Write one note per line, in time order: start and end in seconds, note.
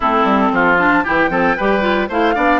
0.00 0.24 A3
0.00 0.78 C4
0.00 0.52 E4
0.00 0.78 A4
0.24 0.50 G3
0.51 1.03 F3
0.51 1.03 F4
0.78 1.04 D4
0.78 1.04 A5
1.03 1.29 E3
1.03 1.29 E4
1.03 1.29 G4
1.03 2.08 G5
1.29 1.55 F3
1.29 1.56 C4
1.29 1.56 A4
1.56 2.09 G3
1.56 1.81 G4
1.56 2.08 B4
1.81 2.07 F4
2.08 2.35 A3
2.08 2.35 E4
2.08 2.34 C5
2.08 2.60 F5
2.35 2.60 B3
2.35 2.60 D4
2.35 2.60 D5